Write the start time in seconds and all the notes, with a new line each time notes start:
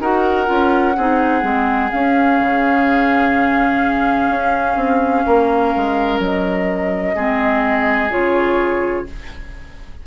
0.00 D#4 F#4 A#4 F#5
0.46 C#4 F4
0.97 C4 D#4 G#4
1.42 G#3 C4
1.91 C#4 F5
2.40 C#3
4.29 C#4
4.76 C4
5.26 A#3 A#4
5.76 G#3
6.19 F#3 D#5
7.15 G#3 C4 G#4
8.10 C#3 F4 C#5